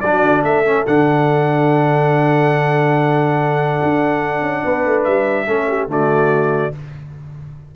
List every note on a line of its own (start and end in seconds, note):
0.00 0.22 F#3
0.00 0.65 D4
0.00 0.45 F#4
0.00 0.42 D5
0.22 0.43 D3
0.43 0.85 A3
0.43 4.64 A4
0.43 0.86 E5
0.65 0.86 C#4
0.86 3.80 D3
0.86 5.47 D4
0.86 5.04 F#5
3.83 4.41 D4
4.41 4.62 C#4
4.64 4.85 B3
4.64 5.46 B4
4.85 5.06 A3
5.04 5.47 G3
5.04 5.87 E5
5.46 5.87 A3
5.46 5.88 C#4
5.46 5.67 A4
5.68 5.89 G4
5.87 6.71 D3
5.87 6.72 A3
5.87 6.74 F#4
5.87 6.75 D5